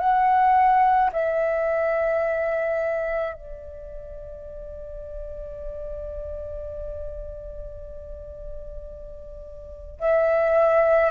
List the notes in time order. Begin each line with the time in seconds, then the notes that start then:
0.00 F#5
1.13 E5
3.34 D5
10.00 E5